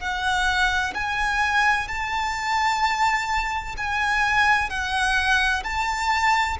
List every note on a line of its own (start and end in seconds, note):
0.00 0.94 F#5
0.95 1.88 G#5
1.88 3.76 A5
3.77 4.70 G#5
4.70 5.63 F#5
5.63 6.57 A5